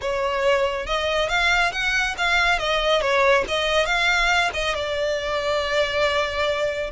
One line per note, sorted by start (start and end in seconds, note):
0.01 0.86 C#5
0.86 1.28 D#5
1.28 1.71 F5
1.71 2.15 F#5
2.17 2.58 F5
2.58 3.01 D#5
3.01 3.44 C#5
3.48 3.85 D#5
3.85 4.50 F5
4.53 4.75 D#5
4.75 6.90 D5